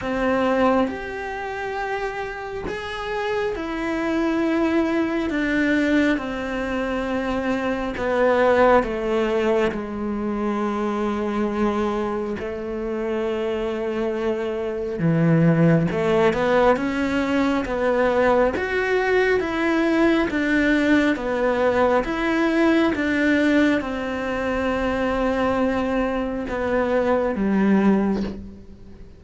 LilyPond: \new Staff \with { instrumentName = "cello" } { \time 4/4 \tempo 4 = 68 c'4 g'2 gis'4 | e'2 d'4 c'4~ | c'4 b4 a4 gis4~ | gis2 a2~ |
a4 e4 a8 b8 cis'4 | b4 fis'4 e'4 d'4 | b4 e'4 d'4 c'4~ | c'2 b4 g4 | }